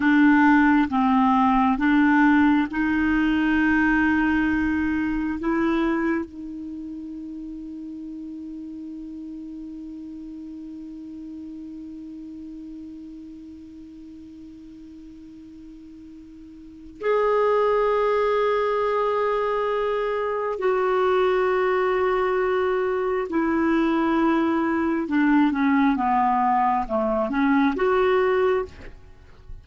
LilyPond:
\new Staff \with { instrumentName = "clarinet" } { \time 4/4 \tempo 4 = 67 d'4 c'4 d'4 dis'4~ | dis'2 e'4 dis'4~ | dis'1~ | dis'1~ |
dis'2. gis'4~ | gis'2. fis'4~ | fis'2 e'2 | d'8 cis'8 b4 a8 cis'8 fis'4 | }